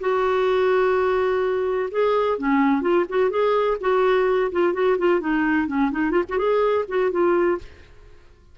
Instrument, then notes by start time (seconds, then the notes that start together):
clarinet
0.00 F#4
1.91 G#4
2.38 C#4
2.81 F4
3.09 F#4
3.30 G#4
3.80 F#4
4.51 F4
4.73 F#4
4.98 F4
5.20 D#4
5.67 C#4
5.91 D#4
6.11 F4
6.29 F#4
6.38 G#4
6.88 F#4
7.11 F4